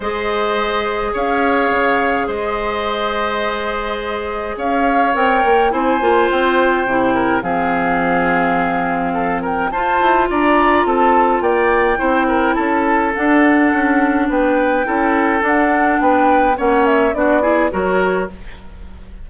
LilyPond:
<<
  \new Staff \with { instrumentName = "flute" } { \time 4/4 \tempo 4 = 105 dis''2 f''2 | dis''1 | f''4 g''4 gis''4 g''4~ | g''4 f''2.~ |
f''8 g''8 a''4 ais''4 a''4 | g''2 a''4 fis''4~ | fis''4 g''2 fis''4 | g''4 fis''8 e''8 d''4 cis''4 | }
  \new Staff \with { instrumentName = "oboe" } { \time 4/4 c''2 cis''2 | c''1 | cis''2 c''2~ | c''8 ais'8 gis'2. |
a'8 ais'8 c''4 d''4 a'4 | d''4 c''8 ais'8 a'2~ | a'4 b'4 a'2 | b'4 cis''4 fis'8 gis'8 ais'4 | }
  \new Staff \with { instrumentName = "clarinet" } { \time 4/4 gis'1~ | gis'1~ | gis'4 ais'4 e'8 f'4. | e'4 c'2.~ |
c'4 f'2.~ | f'4 e'2 d'4~ | d'2 e'4 d'4~ | d'4 cis'4 d'8 e'8 fis'4 | }
  \new Staff \with { instrumentName = "bassoon" } { \time 4/4 gis2 cis'4 cis4 | gis1 | cis'4 c'8 ais8 c'8 ais8 c'4 | c4 f2.~ |
f4 f'8 e'8 d'4 c'4 | ais4 c'4 cis'4 d'4 | cis'4 b4 cis'4 d'4 | b4 ais4 b4 fis4 | }
>>